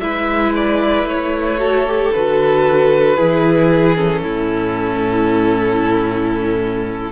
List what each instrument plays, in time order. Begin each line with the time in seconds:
0.00 cello G#3, viola E4, violin B4 E5
0.55 violin D5
1.04 cello A3, violin C#5
1.58 viola F#4, violin A4
1.87 viola G4
2.13 cello D3, viola F#4, violin B4
3.17 cello E3, viola E4, violin G#4
3.96 viola C#4, violin A4
4.22 cello A2, violin E4